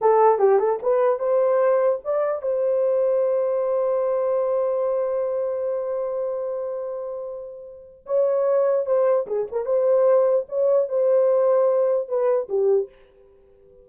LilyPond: \new Staff \with { instrumentName = "horn" } { \time 4/4 \tempo 4 = 149 a'4 g'8 a'8 b'4 c''4~ | c''4 d''4 c''2~ | c''1~ | c''1~ |
c''1 | cis''2 c''4 gis'8 ais'8 | c''2 cis''4 c''4~ | c''2 b'4 g'4 | }